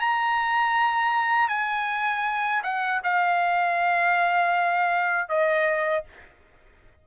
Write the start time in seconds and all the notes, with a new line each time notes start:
0.00 A#5
1.49 G#5
2.63 F#5
3.03 F5
5.29 D#5